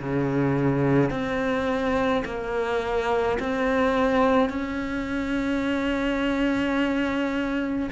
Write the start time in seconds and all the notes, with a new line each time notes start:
0.00 C#3
1.10 C4
2.25 A#3
3.40 C4
4.49 C#4